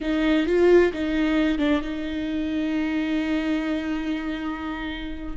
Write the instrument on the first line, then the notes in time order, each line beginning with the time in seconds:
viola
0.00 D#4
0.46 F4
0.92 D#4
1.58 D4
1.81 D#4